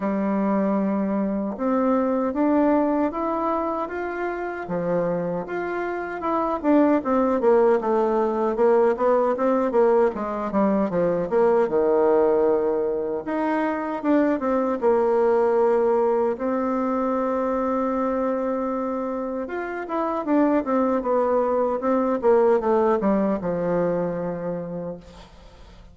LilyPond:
\new Staff \with { instrumentName = "bassoon" } { \time 4/4 \tempo 4 = 77 g2 c'4 d'4 | e'4 f'4 f4 f'4 | e'8 d'8 c'8 ais8 a4 ais8 b8 | c'8 ais8 gis8 g8 f8 ais8 dis4~ |
dis4 dis'4 d'8 c'8 ais4~ | ais4 c'2.~ | c'4 f'8 e'8 d'8 c'8 b4 | c'8 ais8 a8 g8 f2 | }